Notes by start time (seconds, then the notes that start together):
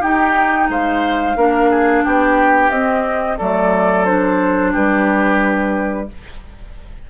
0.00 D#4 G4 G5
0.69 G#3 C5 F5
1.36 A#3 D4 A#4
1.70 G#4
2.04 B3 G4 G5
2.70 C4 D#5
3.37 F#3 A3 A4 D5
4.05 D4 C5
4.72 G3 G4 B4